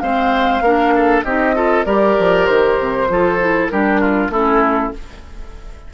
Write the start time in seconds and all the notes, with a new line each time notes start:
0.00 G#3 C4 C5 F5
0.61 A#3 D4 A#4
0.96 A4
1.23 C4 D#4 G4 D#5
1.55 F4 A4
1.85 G3 G4 A#4 D5
2.19 F3
2.46 D#3 C5
2.79 C3
3.08 F3 F4 A4
3.40 E4
3.69 G3 D4 G4 A#4
4.01 F4
4.29 A3 C#4 E4 A4